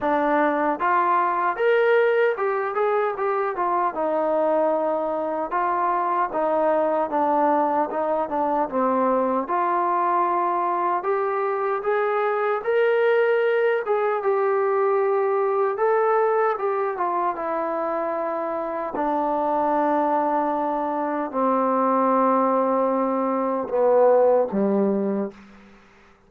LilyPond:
\new Staff \with { instrumentName = "trombone" } { \time 4/4 \tempo 4 = 76 d'4 f'4 ais'4 g'8 gis'8 | g'8 f'8 dis'2 f'4 | dis'4 d'4 dis'8 d'8 c'4 | f'2 g'4 gis'4 |
ais'4. gis'8 g'2 | a'4 g'8 f'8 e'2 | d'2. c'4~ | c'2 b4 g4 | }